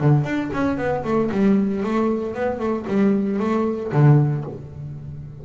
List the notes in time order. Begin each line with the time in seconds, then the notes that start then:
0.00 D3
0.24 D4
0.53 C#4
0.77 B3
1.04 A3
1.31 G3
1.84 A3
2.35 B3
2.59 A3
2.88 G3
3.40 A3
3.92 D3